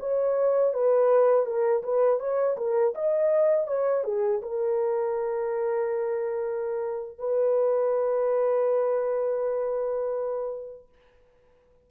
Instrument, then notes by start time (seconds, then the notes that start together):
horn
0.00 C#5
0.74 B4
1.46 A#4
1.84 B4
2.20 C#5
2.58 A#4
2.95 D#5
3.68 C#5
4.05 G#4
4.42 A#4
7.19 B4